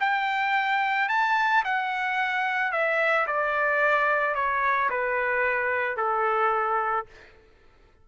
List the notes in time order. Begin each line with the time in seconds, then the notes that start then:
0.00 G5
1.09 A5
1.64 F#5
2.72 E5
3.27 D5
4.35 C#5
4.90 B4
5.97 A4